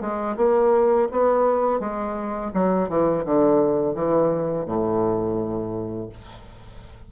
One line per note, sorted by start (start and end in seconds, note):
0.00 0.36 G#3
0.36 1.08 A#3
1.11 1.80 B3
1.80 2.51 G#3
2.54 2.89 F#3
2.89 3.24 E3
3.25 3.94 D3
3.94 4.66 E3
4.66 6.08 A2